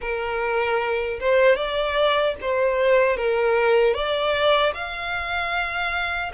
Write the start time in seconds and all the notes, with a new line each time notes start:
0.01 A#4
1.19 C5
1.56 D5
2.41 C5
3.16 A#4
3.94 D5
4.74 F5